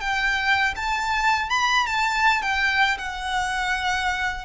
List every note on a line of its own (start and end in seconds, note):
0.00 0.74 G5
0.76 1.49 A5
1.49 1.86 B5
1.86 2.41 A5
2.41 2.97 G5
2.98 4.44 F#5